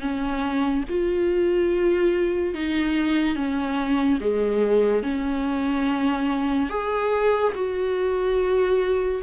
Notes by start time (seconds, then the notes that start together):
0.00 C#4
0.89 F4
2.54 D#4
3.35 C#4
4.20 G#3
5.03 C#4
6.69 G#4
7.55 F#4